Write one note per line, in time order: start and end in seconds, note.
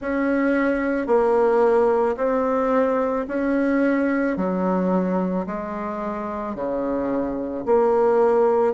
0.01 1.07 C#4
1.07 2.16 A#3
2.16 3.25 C4
3.27 4.36 C#4
4.36 5.45 F#3
5.46 6.55 G#3
6.55 7.64 C#3
7.65 8.73 A#3